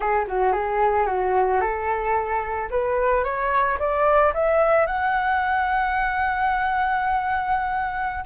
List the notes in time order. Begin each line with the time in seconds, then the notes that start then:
0.00 G#4
0.27 F#4
0.52 G#4
1.06 F#4
1.60 A4
2.70 B4
3.24 C#5
3.79 D5
4.34 E5
4.86 F#5